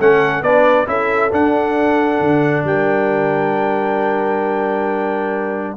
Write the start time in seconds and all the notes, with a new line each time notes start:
0.00 A3 C#4 A4 F#5
0.42 B3 D4 B4 D5
0.87 C#4 E4 A4 E5
1.32 D4 F#5
2.21 D3
2.64 G3 A#4 G5